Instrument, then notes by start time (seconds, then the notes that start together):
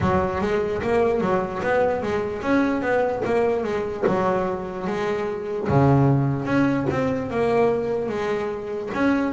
double bass
0.00 F#3
0.41 G#3
0.82 A#3
1.20 F#3
1.62 B3
2.03 G#3
2.42 C#4
2.81 B3
3.25 A#3
3.63 G#3
4.07 F#3
4.86 G#3
5.68 C#3
6.45 C#4
6.90 C4
7.30 A#3
8.08 G#3
8.94 C#4